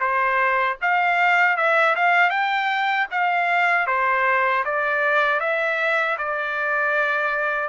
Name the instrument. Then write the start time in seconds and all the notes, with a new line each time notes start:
trumpet
0.00 C5
0.81 F5
1.57 E5
1.95 F5
2.30 G5
3.11 F5
3.87 C5
4.65 D5
5.40 E5
6.18 D5